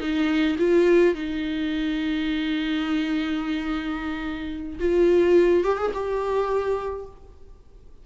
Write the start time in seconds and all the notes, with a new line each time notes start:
0.00 D#4
0.59 F4
1.14 D#4
4.79 F4
5.64 G4
5.78 G#4
5.94 G4